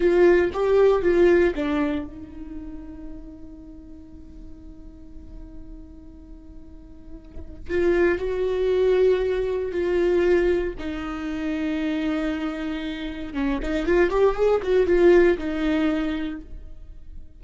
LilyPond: \new Staff \with { instrumentName = "viola" } { \time 4/4 \tempo 4 = 117 f'4 g'4 f'4 d'4 | dis'1~ | dis'1~ | dis'2. f'4 |
fis'2. f'4~ | f'4 dis'2.~ | dis'2 cis'8 dis'8 f'8 g'8 | gis'8 fis'8 f'4 dis'2 | }